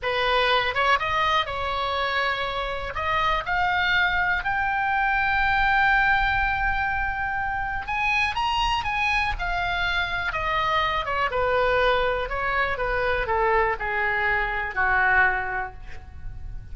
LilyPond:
\new Staff \with { instrumentName = "oboe" } { \time 4/4 \tempo 4 = 122 b'4. cis''8 dis''4 cis''4~ | cis''2 dis''4 f''4~ | f''4 g''2.~ | g''1 |
gis''4 ais''4 gis''4 f''4~ | f''4 dis''4. cis''8 b'4~ | b'4 cis''4 b'4 a'4 | gis'2 fis'2 | }